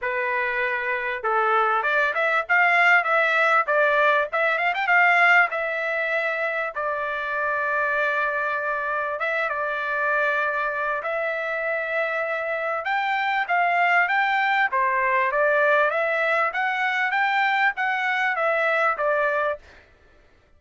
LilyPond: \new Staff \with { instrumentName = "trumpet" } { \time 4/4 \tempo 4 = 98 b'2 a'4 d''8 e''8 | f''4 e''4 d''4 e''8 f''16 g''16 | f''4 e''2 d''4~ | d''2. e''8 d''8~ |
d''2 e''2~ | e''4 g''4 f''4 g''4 | c''4 d''4 e''4 fis''4 | g''4 fis''4 e''4 d''4 | }